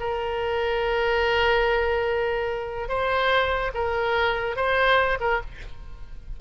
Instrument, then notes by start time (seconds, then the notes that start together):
oboe
0.00 A#4
2.89 C5
3.74 A#4
4.56 C5
5.20 A#4